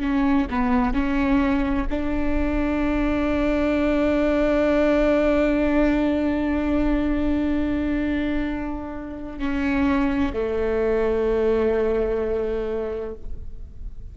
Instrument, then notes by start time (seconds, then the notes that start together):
viola
0.00 C#4
0.50 B3
0.94 C#4
1.90 D4
9.39 C#4
10.33 A3